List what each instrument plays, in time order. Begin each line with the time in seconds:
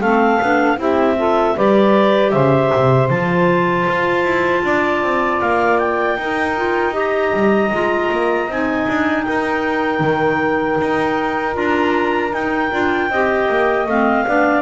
0.00 double bass A3, clarinet C4 F5, saxophone A4
0.42 double bass B3, clarinet D4
0.77 double bass C4, clarinet E4 E5, saxophone G4
1.17 clarinet F4, saxophone A4
1.55 double bass G3, clarinet G4 D5, saxophone B4
2.31 double bass C#3, saxophone C5, clarinet E5
2.76 double bass C3
3.10 double bass F3, clarinet F4 A5
3.88 double bass F4
4.24 double bass E4
4.64 double bass D4, saxophone D5
5.02 double bass C4
5.40 double bass A#3, clarinet F5
5.78 clarinet G5
6.17 double bass D#4, clarinet D#4, saxophone A#4
6.57 clarinet F4
6.92 clarinet G4 A#5, saxophone D#5
7.33 double bass G3
7.72 double bass G#3, clarinet F4
8.12 double bass A#3
8.48 double bass C4, clarinet D#4 G#5
8.88 double bass D4
9.23 double bass D#4, saxophone A#4, clarinet G5
10.00 double bass D#3
10.81 double bass D#4
11.54 double bass D4, clarinet F4 A#5
12.33 clarinet D#4 G5, double bass D#4
12.72 double bass D4, clarinet F4
13.09 double bass C4, clarinet G4, saxophone D#5
13.49 double bass A#3
13.86 double bass A3, clarinet C4 F5
14.26 double bass B3, clarinet D4, saxophone D5